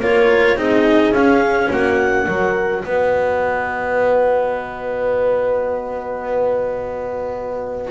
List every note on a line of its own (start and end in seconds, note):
0.00 0.56 A#3
0.00 0.56 F4
0.00 0.57 A#4
0.00 0.59 C#5
0.56 1.11 C4
0.56 1.13 D#4
0.56 1.69 G#4
0.56 1.13 D#5
1.11 1.68 C#4
1.11 2.27 C#4
1.11 1.70 F5
1.69 2.27 A#3
1.69 2.25 F#4
1.69 2.83 F#5
2.26 2.84 F#3
2.26 7.91 F#4
2.26 2.83 A#4
2.83 7.91 B3
2.83 7.91 B4
2.83 7.91 D#5